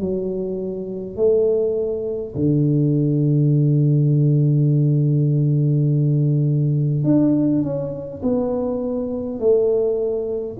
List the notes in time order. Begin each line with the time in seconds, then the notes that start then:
0.00 F#3
1.17 A3
2.35 D3
7.04 D4
7.63 C#4
8.23 B3
9.40 A3